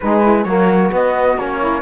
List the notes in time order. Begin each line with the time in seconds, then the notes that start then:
0.00 G#3 D#4 B4
0.21 E4
0.43 F#3 A#3 F#4 C#5
0.91 B3 D#5
1.37 A#3 C#4 C#5
1.59 E4